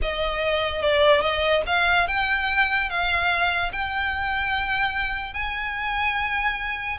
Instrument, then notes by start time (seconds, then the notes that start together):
violin
0.02 D#5
0.81 D5
1.21 D#5
1.66 F5
2.07 G5
2.89 F5
3.72 G5
5.33 G#5